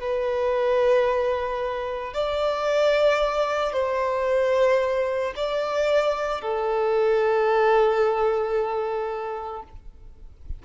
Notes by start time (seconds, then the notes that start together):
0.00 B4
2.13 D5
3.73 C5
5.36 D5
6.41 A4